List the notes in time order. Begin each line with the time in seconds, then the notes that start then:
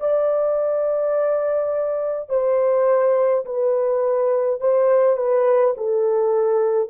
0.00 D5
2.29 C5
3.45 B4
4.60 C5
5.17 B4
5.77 A4